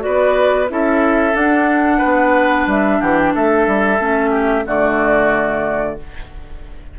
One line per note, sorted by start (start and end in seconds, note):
0.00 0.66 F#4
0.00 0.71 B4
0.00 0.68 D5
0.06 0.71 B3
0.70 1.34 C#4
0.70 1.33 E4
0.70 1.98 A4
0.70 1.36 E5
1.33 3.97 D4
1.33 2.00 D4
1.33 2.68 F#5
1.98 2.97 B4
2.04 2.67 B3
2.67 3.00 G3
2.67 3.02 E5
3.01 3.34 E3
3.01 3.34 G4
3.01 3.17 F#5
3.17 3.34 G5
3.35 3.67 A3
3.35 4.31 A4
3.35 4.67 E5
3.67 3.99 G3
3.99 4.65 A3
3.99 4.65 C#4
4.31 4.64 G4
4.66 5.98 D3
4.66 5.98 A3
4.66 5.99 F#4
4.66 5.99 D5